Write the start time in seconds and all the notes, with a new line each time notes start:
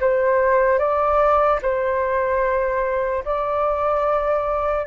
0.00 C5
0.79 D5
1.62 C5
3.25 D5